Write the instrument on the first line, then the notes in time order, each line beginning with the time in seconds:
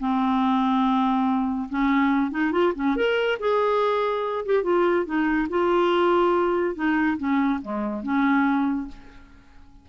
clarinet
0.00 C4
1.70 C#4
2.31 D#4
2.52 F4
2.75 C#4
2.96 A#4
3.40 G#4
4.46 G4
4.63 F4
5.06 D#4
5.49 F4
6.75 D#4
7.18 C#4
7.62 G#3
8.03 C#4